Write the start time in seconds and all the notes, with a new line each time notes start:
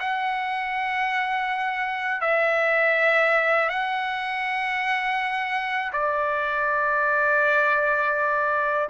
0.00 F#5
2.21 E5
3.69 F#5
5.93 D5